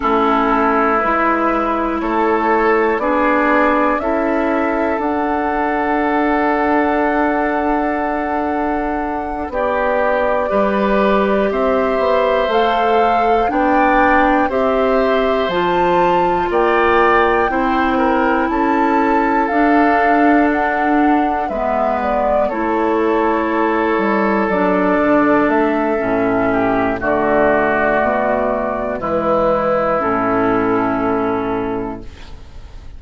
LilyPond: <<
  \new Staff \with { instrumentName = "flute" } { \time 4/4 \tempo 4 = 60 a'4 b'4 cis''4 d''4 | e''4 fis''2.~ | fis''4. d''2 e''8~ | e''8 f''4 g''4 e''4 a''8~ |
a''8 g''2 a''4 f''8~ | f''8 fis''4 e''8 d''8 cis''4.~ | cis''8 d''4 e''4. d''4~ | d''4 b'4 a'2 | }
  \new Staff \with { instrumentName = "oboe" } { \time 4/4 e'2 a'4 gis'4 | a'1~ | a'4. g'4 b'4 c''8~ | c''4. d''4 c''4.~ |
c''8 d''4 c''8 ais'8 a'4.~ | a'4. b'4 a'4.~ | a'2~ a'8 g'8 fis'4~ | fis'4 e'2. | }
  \new Staff \with { instrumentName = "clarinet" } { \time 4/4 cis'4 e'2 d'4 | e'4 d'2.~ | d'2~ d'8 g'4.~ | g'8 a'4 d'4 g'4 f'8~ |
f'4. e'2 d'8~ | d'4. b4 e'4.~ | e'8 d'4. cis'4 a4~ | a4 gis4 cis'2 | }
  \new Staff \with { instrumentName = "bassoon" } { \time 4/4 a4 gis4 a4 b4 | cis'4 d'2.~ | d'4. b4 g4 c'8 | b8 a4 b4 c'4 f8~ |
f8 ais4 c'4 cis'4 d'8~ | d'4. gis4 a4. | g8 fis8 d8 a8 a,4 d4 | b,4 e4 a,2 | }
>>